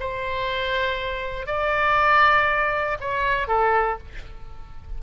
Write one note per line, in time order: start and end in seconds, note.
0.00 1.46 C5
1.46 2.98 D5
3.01 3.48 C#5
3.48 3.98 A4